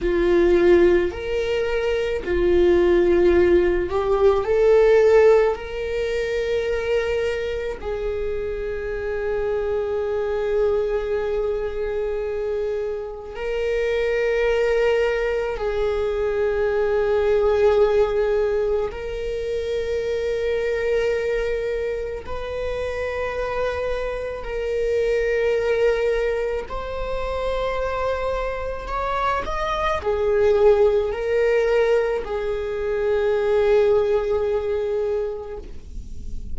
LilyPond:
\new Staff \with { instrumentName = "viola" } { \time 4/4 \tempo 4 = 54 f'4 ais'4 f'4. g'8 | a'4 ais'2 gis'4~ | gis'1 | ais'2 gis'2~ |
gis'4 ais'2. | b'2 ais'2 | c''2 cis''8 dis''8 gis'4 | ais'4 gis'2. | }